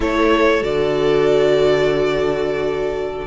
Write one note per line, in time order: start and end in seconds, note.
0.00 0.61 A3
0.00 0.62 E4
0.00 3.26 A4
0.00 0.63 C#5
0.61 3.26 D3
0.61 3.26 F#4
0.61 3.26 D5